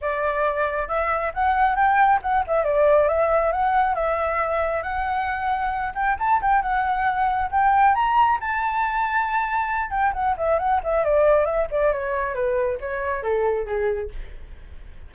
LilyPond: \new Staff \with { instrumentName = "flute" } { \time 4/4 \tempo 4 = 136 d''2 e''4 fis''4 | g''4 fis''8 e''8 d''4 e''4 | fis''4 e''2 fis''4~ | fis''4. g''8 a''8 g''8 fis''4~ |
fis''4 g''4 ais''4 a''4~ | a''2~ a''8 g''8 fis''8 e''8 | fis''8 e''8 d''4 e''8 d''8 cis''4 | b'4 cis''4 a'4 gis'4 | }